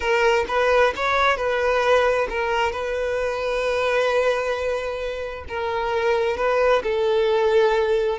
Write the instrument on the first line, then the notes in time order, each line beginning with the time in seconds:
violin
0.00 A#4
0.48 B4
0.96 C#5
1.36 B4
2.29 A#4
2.71 B4
5.48 A#4
6.36 B4
6.83 A4